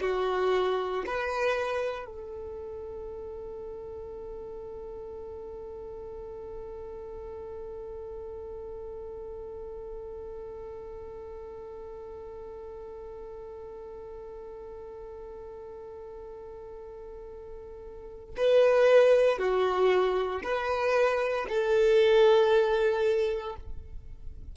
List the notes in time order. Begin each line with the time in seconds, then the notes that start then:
0.00 F#4
1.06 B4
2.05 A4
18.36 B4
19.38 F#4
20.43 B4
21.48 A4